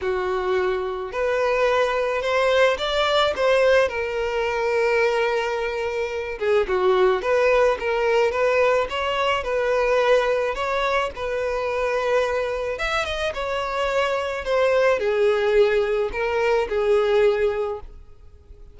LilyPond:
\new Staff \with { instrumentName = "violin" } { \time 4/4 \tempo 4 = 108 fis'2 b'2 | c''4 d''4 c''4 ais'4~ | ais'2.~ ais'8 gis'8 | fis'4 b'4 ais'4 b'4 |
cis''4 b'2 cis''4 | b'2. e''8 dis''8 | cis''2 c''4 gis'4~ | gis'4 ais'4 gis'2 | }